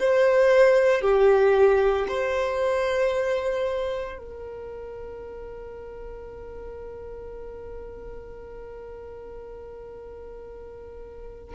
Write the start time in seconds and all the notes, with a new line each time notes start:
0.00 C5
1.01 G4
2.09 C5
4.19 A#4